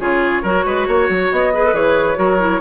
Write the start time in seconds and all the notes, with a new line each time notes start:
0.00 C#3 F4 G#4 C#5
0.43 F#3 F#4 A#4
0.66 G#3 B4
0.87 A#3 C#5
1.09 F#3
1.31 B3 D#5
1.54 G#4 B4
1.64 A4
1.73 E3 G#4 C#5
2.15 F#3 F#4 A#4
2.39 E4